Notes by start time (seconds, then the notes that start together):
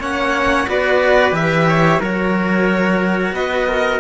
0.00 A#3 C#4 C#5 F#5
0.68 B3 F#4 B4 D5
1.32 E3 G4 E5
1.69 C#5
2.01 F#3 F#4 A#4 C#5
3.32 B3 B4 D#5
3.68 A#4